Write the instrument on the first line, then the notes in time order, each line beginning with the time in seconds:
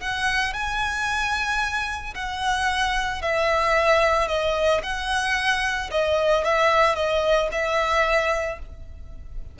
violin
0.00 F#5
0.53 G#5
2.15 F#5
3.22 E5
4.28 D#5
4.83 F#5
5.91 D#5
6.44 E5
6.95 D#5
7.52 E5